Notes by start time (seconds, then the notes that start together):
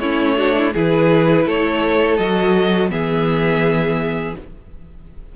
0.00 A3 C#4 E4 C#5
0.36 D4 F#4
0.58 E4
0.73 E3 E4 G#4 B4
1.47 A3 A4 C#5
2.18 F#3 F#4 D#5
2.89 E3 B3 G#4 E5